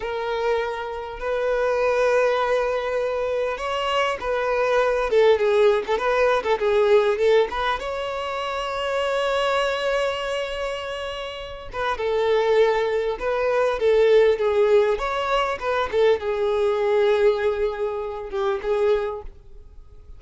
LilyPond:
\new Staff \with { instrumentName = "violin" } { \time 4/4 \tempo 4 = 100 ais'2 b'2~ | b'2 cis''4 b'4~ | b'8 a'8 gis'8. a'16 b'8. a'16 gis'4 | a'8 b'8 cis''2.~ |
cis''2.~ cis''8 b'8 | a'2 b'4 a'4 | gis'4 cis''4 b'8 a'8 gis'4~ | gis'2~ gis'8 g'8 gis'4 | }